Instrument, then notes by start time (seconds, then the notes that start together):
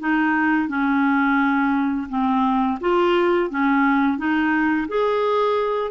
clarinet
0.00 D#4
0.68 C#4
2.09 C4
2.81 F4
3.51 C#4
4.18 D#4
4.88 G#4